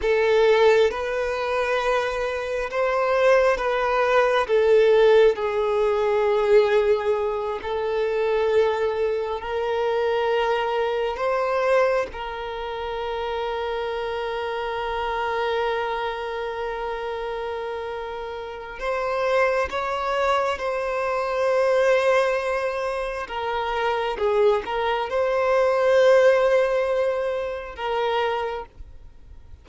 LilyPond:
\new Staff \with { instrumentName = "violin" } { \time 4/4 \tempo 4 = 67 a'4 b'2 c''4 | b'4 a'4 gis'2~ | gis'8 a'2 ais'4.~ | ais'8 c''4 ais'2~ ais'8~ |
ais'1~ | ais'4 c''4 cis''4 c''4~ | c''2 ais'4 gis'8 ais'8 | c''2. ais'4 | }